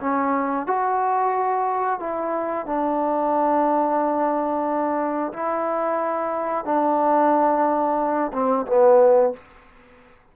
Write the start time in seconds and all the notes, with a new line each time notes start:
0.00 C#4
0.66 F#4
1.99 E4
2.66 D4
5.33 E4
6.65 D4
8.33 C4
8.66 B3